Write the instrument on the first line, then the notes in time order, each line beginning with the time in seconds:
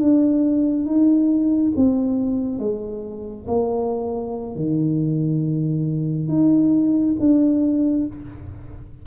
tuba
0.00 D4
0.86 D#4
1.77 C4
2.60 G#3
3.48 A#3
4.56 D#3
6.28 D#4
7.20 D4